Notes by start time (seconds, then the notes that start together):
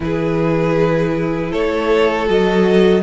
0.00 E3 E4 G#4 B4
1.51 A3 A4 C#5
2.26 F#3 F#4 D#5